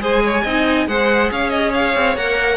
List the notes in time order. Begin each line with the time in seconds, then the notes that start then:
0.00 G#3 G#4 C5 G#5
0.24 C#5
0.43 C4 D#4 D#5
0.87 G#3 G#4 C5 F#5
1.31 C#4 C#5 F5
1.50 D#5
1.74 F5
1.95 C4
2.16 A#3 A#4 F#5